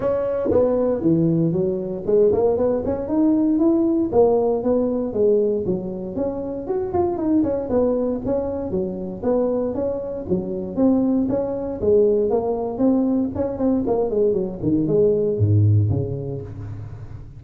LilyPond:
\new Staff \with { instrumentName = "tuba" } { \time 4/4 \tempo 4 = 117 cis'4 b4 e4 fis4 | gis8 ais8 b8 cis'8 dis'4 e'4 | ais4 b4 gis4 fis4 | cis'4 fis'8 f'8 dis'8 cis'8 b4 |
cis'4 fis4 b4 cis'4 | fis4 c'4 cis'4 gis4 | ais4 c'4 cis'8 c'8 ais8 gis8 | fis8 dis8 gis4 gis,4 cis4 | }